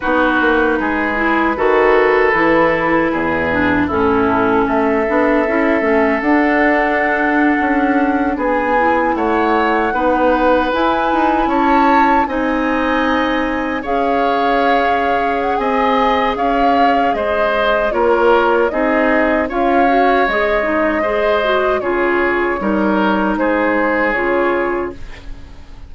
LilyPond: <<
  \new Staff \with { instrumentName = "flute" } { \time 4/4 \tempo 4 = 77 b'1~ | b'4 a'4 e''2 | fis''2~ fis''8. gis''4 fis''16~ | fis''4.~ fis''16 gis''4 a''4 gis''16~ |
gis''4.~ gis''16 f''2 fis''16 | gis''4 f''4 dis''4 cis''4 | dis''4 f''4 dis''2 | cis''2 c''4 cis''4 | }
  \new Staff \with { instrumentName = "oboe" } { \time 4/4 fis'4 gis'4 a'2 | gis'4 e'4 a'2~ | a'2~ a'8. gis'4 cis''16~ | cis''8. b'2 cis''4 dis''16~ |
dis''4.~ dis''16 cis''2~ cis''16 | dis''4 cis''4 c''4 ais'4 | gis'4 cis''2 c''4 | gis'4 ais'4 gis'2 | }
  \new Staff \with { instrumentName = "clarinet" } { \time 4/4 dis'4. e'8 fis'4 e'4~ | e'8 d'8 cis'4. d'8 e'8 cis'8 | d'2.~ d'16 e'8.~ | e'8. dis'4 e'2 dis'16~ |
dis'4.~ dis'16 gis'2~ gis'16~ | gis'2. f'4 | dis'4 f'8 fis'8 gis'8 dis'8 gis'8 fis'8 | f'4 dis'2 f'4 | }
  \new Staff \with { instrumentName = "bassoon" } { \time 4/4 b8 ais8 gis4 dis4 e4 | e,4 a,4 a8 b8 cis'8 a8 | d'4.~ d'16 cis'4 b4 a16~ | a8. b4 e'8 dis'8 cis'4 c'16~ |
c'4.~ c'16 cis'2~ cis'16 | c'4 cis'4 gis4 ais4 | c'4 cis'4 gis2 | cis4 g4 gis4 cis4 | }
>>